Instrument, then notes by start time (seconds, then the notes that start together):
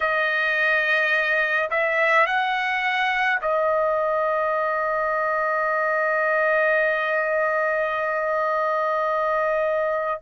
trumpet
0.00 D#5
1.70 E5
2.26 F#5
3.41 D#5